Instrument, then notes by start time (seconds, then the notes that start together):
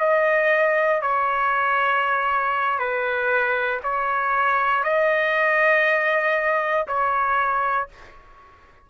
trumpet
0.00 D#5
1.02 C#5
2.79 B4
3.83 C#5
4.84 D#5
6.87 C#5